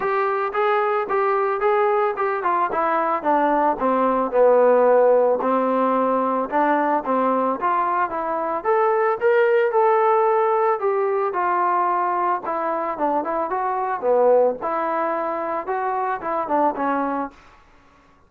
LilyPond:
\new Staff \with { instrumentName = "trombone" } { \time 4/4 \tempo 4 = 111 g'4 gis'4 g'4 gis'4 | g'8 f'8 e'4 d'4 c'4 | b2 c'2 | d'4 c'4 f'4 e'4 |
a'4 ais'4 a'2 | g'4 f'2 e'4 | d'8 e'8 fis'4 b4 e'4~ | e'4 fis'4 e'8 d'8 cis'4 | }